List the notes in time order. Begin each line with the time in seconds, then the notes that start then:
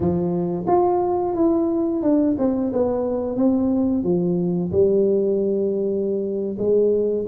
0.00 F3
0.67 F4
1.35 E4
2.02 D4
2.38 C4
2.72 B3
3.36 C4
4.03 F3
4.71 G3
6.58 G#3